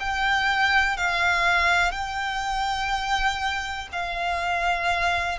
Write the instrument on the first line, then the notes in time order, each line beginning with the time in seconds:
violin
0.00 G5
0.97 F5
1.92 G5
3.93 F5